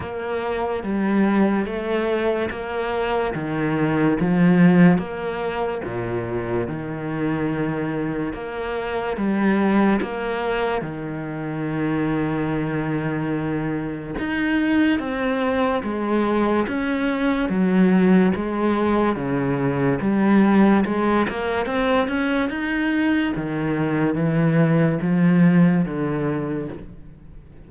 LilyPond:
\new Staff \with { instrumentName = "cello" } { \time 4/4 \tempo 4 = 72 ais4 g4 a4 ais4 | dis4 f4 ais4 ais,4 | dis2 ais4 g4 | ais4 dis2.~ |
dis4 dis'4 c'4 gis4 | cis'4 fis4 gis4 cis4 | g4 gis8 ais8 c'8 cis'8 dis'4 | dis4 e4 f4 d4 | }